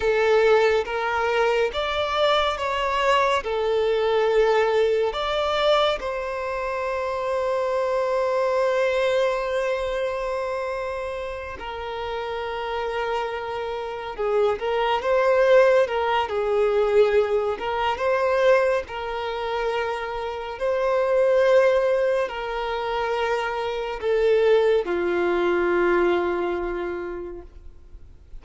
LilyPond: \new Staff \with { instrumentName = "violin" } { \time 4/4 \tempo 4 = 70 a'4 ais'4 d''4 cis''4 | a'2 d''4 c''4~ | c''1~ | c''4. ais'2~ ais'8~ |
ais'8 gis'8 ais'8 c''4 ais'8 gis'4~ | gis'8 ais'8 c''4 ais'2 | c''2 ais'2 | a'4 f'2. | }